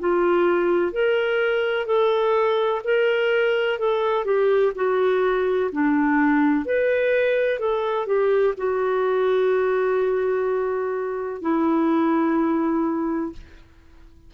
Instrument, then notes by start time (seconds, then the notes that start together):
clarinet
0.00 F4
0.92 A#4
1.87 A4
2.84 A#4
3.79 A4
4.25 G4
4.75 F#4
5.73 D4
6.66 B4
7.60 A4
8.06 G4
8.58 F#4
11.42 E4